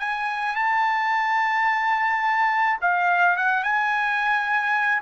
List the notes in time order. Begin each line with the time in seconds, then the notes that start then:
0.00 G#5
0.56 A5
2.81 F5
3.37 F#5
3.64 G#5